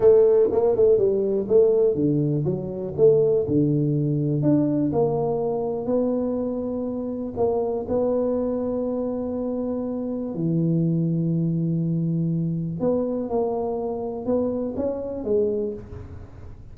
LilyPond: \new Staff \with { instrumentName = "tuba" } { \time 4/4 \tempo 4 = 122 a4 ais8 a8 g4 a4 | d4 fis4 a4 d4~ | d4 d'4 ais2 | b2. ais4 |
b1~ | b4 e2.~ | e2 b4 ais4~ | ais4 b4 cis'4 gis4 | }